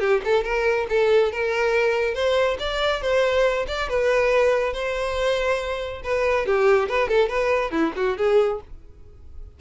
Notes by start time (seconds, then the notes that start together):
0.00 G4
0.24 A4
0.44 A#4
0.89 A4
1.32 A#4
2.15 C5
2.59 D5
3.02 C5
3.68 D5
3.89 B4
4.74 C5
6.04 B4
6.46 G4
6.89 B4
7.09 A4
7.29 B4
7.71 E4
7.96 F#4
8.18 G#4